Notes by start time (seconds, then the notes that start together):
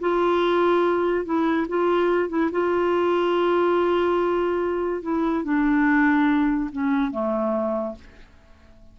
0.00 F4
1.25 E4
1.68 F4
2.29 E4
2.51 F4
5.02 E4
5.44 D4
6.72 C#4
7.11 A3